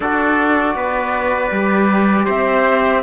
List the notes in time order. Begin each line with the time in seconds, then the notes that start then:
0.00 D4 F#4 A4 D5
0.75 B3 B4
1.51 G3 G4
2.25 C4 C5 E5